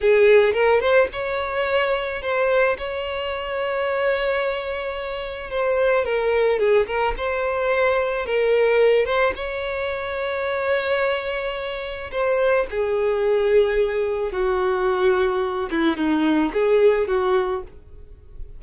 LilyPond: \new Staff \with { instrumentName = "violin" } { \time 4/4 \tempo 4 = 109 gis'4 ais'8 c''8 cis''2 | c''4 cis''2.~ | cis''2 c''4 ais'4 | gis'8 ais'8 c''2 ais'4~ |
ais'8 c''8 cis''2.~ | cis''2 c''4 gis'4~ | gis'2 fis'2~ | fis'8 e'8 dis'4 gis'4 fis'4 | }